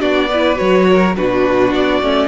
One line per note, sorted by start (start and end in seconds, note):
0.00 0.60 B3
0.00 0.29 D4
0.00 0.29 F#4
0.00 0.58 D5
0.31 0.56 E4
0.31 0.88 B4
0.56 1.18 F#3
0.56 1.13 F#4
0.56 1.15 C#5
0.90 1.17 A#4
1.17 1.73 B2
1.17 2.03 D4
1.17 2.28 F#4
1.17 1.74 B4
1.73 2.02 B3
1.73 2.28 D5
2.02 2.28 A3
2.02 2.28 C#4